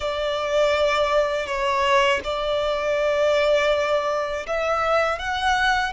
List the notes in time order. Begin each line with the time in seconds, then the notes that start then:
0.00 D5
1.46 C#5
2.24 D5
4.46 E5
5.18 F#5